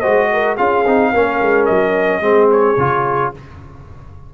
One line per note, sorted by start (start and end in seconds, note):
0.00 0.59 G#3
0.00 0.57 F#4
0.00 0.28 C5
0.00 0.55 D#5
0.32 0.56 A#4
0.56 0.85 C#4
0.56 0.85 F4
0.56 1.11 G#4
0.56 1.65 F5
0.85 1.13 C4
0.85 1.14 D#4
1.12 1.41 A#3
1.12 2.21 C#4
1.12 2.22 A#4
1.41 1.69 G#3
1.65 2.20 F#3
1.65 2.48 D#5
2.20 2.75 G#3
2.20 2.76 C4
2.20 3.32 G#4
2.51 3.33 C#5
2.77 3.32 C#3
2.77 3.34 F4